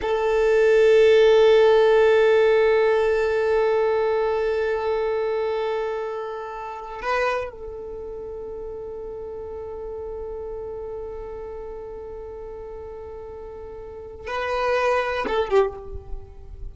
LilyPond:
\new Staff \with { instrumentName = "violin" } { \time 4/4 \tempo 4 = 122 a'1~ | a'1~ | a'1~ | a'2~ a'16 b'4 a'8.~ |
a'1~ | a'1~ | a'1~ | a'4 b'2 a'8 g'8 | }